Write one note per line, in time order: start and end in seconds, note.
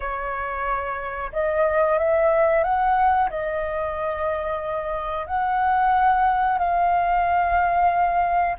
0.00 1.31 C#5
1.32 1.98 D#5
1.98 2.63 E5
2.63 3.29 F#5
3.30 5.26 D#5
5.26 6.58 F#5
6.58 8.56 F5